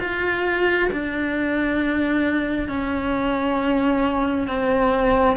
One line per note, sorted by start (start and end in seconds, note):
0.00 0.90 F4
0.92 2.69 D4
2.69 4.47 C#4
4.47 5.37 C4